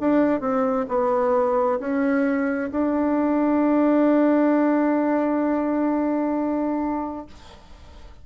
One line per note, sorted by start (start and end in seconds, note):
0.00 0.40 D4
0.40 0.86 C4
0.88 1.79 B3
1.80 2.71 C#4
2.71 7.26 D4